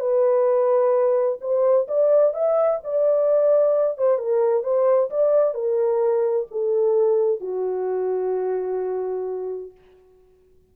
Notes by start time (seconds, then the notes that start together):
0.00 B4
1.41 C5
1.88 D5
2.34 E5
2.84 D5
3.98 C5
4.18 A#4
4.64 C5
5.10 D5
5.55 A#4
6.51 A4
7.41 F#4